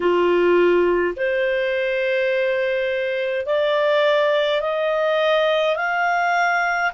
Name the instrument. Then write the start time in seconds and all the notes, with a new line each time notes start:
clarinet
0.00 F4
1.16 C5
3.46 D5
4.61 D#5
5.76 F5